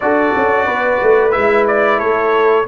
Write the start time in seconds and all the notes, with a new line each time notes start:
0.00 D4 F#4 A4 D5
0.36 C#4
0.66 B3 B4
1.02 A3
1.31 G#3 E4 E5
1.67 D5
1.98 A3 A4 C#5